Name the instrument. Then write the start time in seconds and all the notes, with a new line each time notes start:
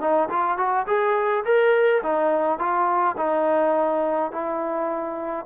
trombone
0.00 D#4
0.29 F4
0.57 F#4
0.87 G#4
1.44 A#4
2.03 D#4
2.59 F4
3.17 D#4
4.31 E4